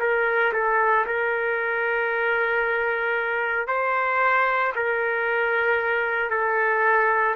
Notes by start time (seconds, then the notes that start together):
0.00 A#4
0.53 A4
1.06 A#4
3.67 C5
4.75 A#4
6.30 A4